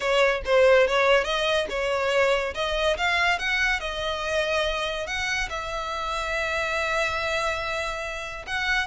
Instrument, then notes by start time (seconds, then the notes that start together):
violin
0.00 C#5
0.45 C5
0.87 C#5
1.24 D#5
1.69 C#5
2.54 D#5
2.97 F5
3.38 F#5
3.80 D#5
5.06 F#5
5.49 E5
8.47 F#5